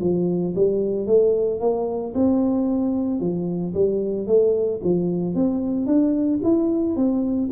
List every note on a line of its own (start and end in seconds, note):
0.00 0.54 F3
0.55 1.06 G3
1.06 1.60 A3
1.60 2.13 A#3
2.14 3.20 C4
3.20 3.74 F3
3.74 4.27 G3
4.27 4.80 A3
4.84 5.35 F3
5.35 5.86 C4
5.86 6.40 D4
6.43 6.96 E4
6.96 7.50 C4